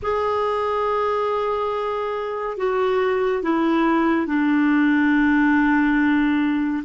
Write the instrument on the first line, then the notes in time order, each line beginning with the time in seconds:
clarinet
0.02 G#4
2.57 F#4
3.42 E4
4.26 D4